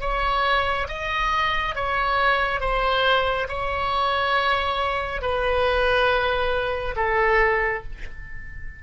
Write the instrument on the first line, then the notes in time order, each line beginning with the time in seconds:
oboe
0.00 C#5
0.88 D#5
1.75 C#5
2.60 C5
3.48 C#5
5.21 B4
6.96 A4